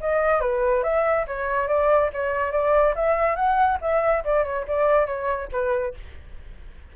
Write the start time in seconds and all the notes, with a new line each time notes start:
0.00 D#5
0.40 B4
0.83 E5
1.27 C#5
1.67 D5
2.13 C#5
2.51 D5
2.95 E5
3.35 F#5
3.81 E5
4.24 D5
4.44 C#5
4.68 D5
5.06 C#5
5.52 B4